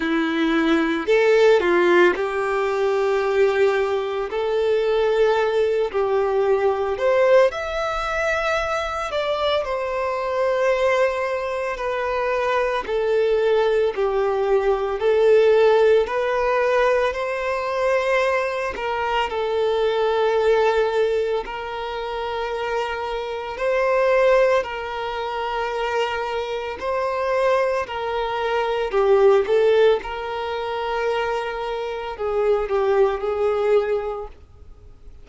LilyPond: \new Staff \with { instrumentName = "violin" } { \time 4/4 \tempo 4 = 56 e'4 a'8 f'8 g'2 | a'4. g'4 c''8 e''4~ | e''8 d''8 c''2 b'4 | a'4 g'4 a'4 b'4 |
c''4. ais'8 a'2 | ais'2 c''4 ais'4~ | ais'4 c''4 ais'4 g'8 a'8 | ais'2 gis'8 g'8 gis'4 | }